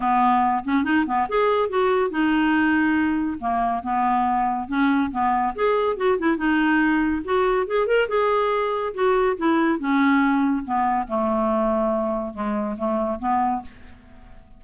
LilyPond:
\new Staff \with { instrumentName = "clarinet" } { \time 4/4 \tempo 4 = 141 b4. cis'8 dis'8 b8 gis'4 | fis'4 dis'2. | ais4 b2 cis'4 | b4 gis'4 fis'8 e'8 dis'4~ |
dis'4 fis'4 gis'8 ais'8 gis'4~ | gis'4 fis'4 e'4 cis'4~ | cis'4 b4 a2~ | a4 gis4 a4 b4 | }